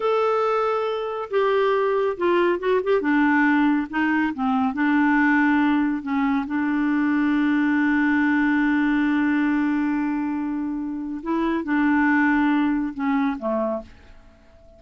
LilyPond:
\new Staff \with { instrumentName = "clarinet" } { \time 4/4 \tempo 4 = 139 a'2. g'4~ | g'4 f'4 fis'8 g'8 d'4~ | d'4 dis'4 c'4 d'4~ | d'2 cis'4 d'4~ |
d'1~ | d'1~ | d'2 e'4 d'4~ | d'2 cis'4 a4 | }